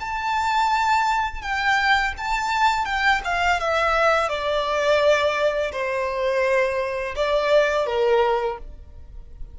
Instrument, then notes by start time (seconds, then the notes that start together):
violin
0.00 A5
1.42 G5
2.18 A5
2.85 G5
3.24 F5
3.60 E5
4.29 D5
5.72 C5
7.16 D5
7.87 A#4